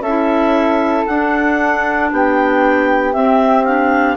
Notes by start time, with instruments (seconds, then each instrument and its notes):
0.00 bassoon C#4, flute A4, clarinet E5
0.07 clarinet E4
1.06 bassoon D4, clarinet D4 F#5
2.12 bassoon B3, flute G4, clarinet G5
3.13 clarinet C4 E5, bassoon C4
3.64 clarinet D4 F5